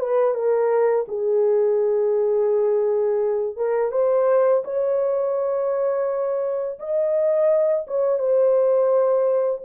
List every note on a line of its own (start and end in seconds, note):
0.00 0.35 B4
0.35 1.06 A#4
1.08 3.57 G#4
3.57 3.92 A#4
3.92 4.64 C5
4.65 6.79 C#5
6.80 7.87 D#5
7.88 8.19 C#5
8.19 9.62 C5